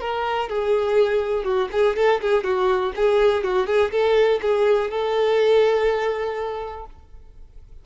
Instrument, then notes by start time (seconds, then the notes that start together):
violin
0.00 A#4
0.49 G#4
1.44 F#4
1.71 G#4
1.96 A4
2.21 G#4
2.43 F#4
2.95 G#4
3.43 F#4
3.66 G#4
3.91 A4
4.41 G#4
4.90 A4